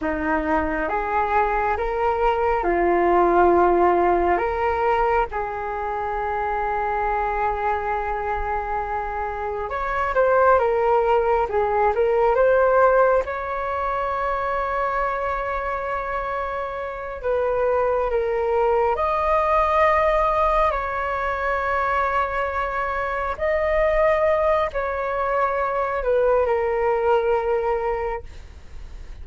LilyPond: \new Staff \with { instrumentName = "flute" } { \time 4/4 \tempo 4 = 68 dis'4 gis'4 ais'4 f'4~ | f'4 ais'4 gis'2~ | gis'2. cis''8 c''8 | ais'4 gis'8 ais'8 c''4 cis''4~ |
cis''2.~ cis''8 b'8~ | b'8 ais'4 dis''2 cis''8~ | cis''2~ cis''8 dis''4. | cis''4. b'8 ais'2 | }